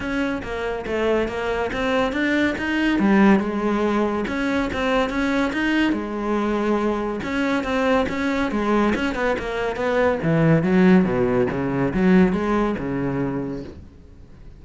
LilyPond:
\new Staff \with { instrumentName = "cello" } { \time 4/4 \tempo 4 = 141 cis'4 ais4 a4 ais4 | c'4 d'4 dis'4 g4 | gis2 cis'4 c'4 | cis'4 dis'4 gis2~ |
gis4 cis'4 c'4 cis'4 | gis4 cis'8 b8 ais4 b4 | e4 fis4 b,4 cis4 | fis4 gis4 cis2 | }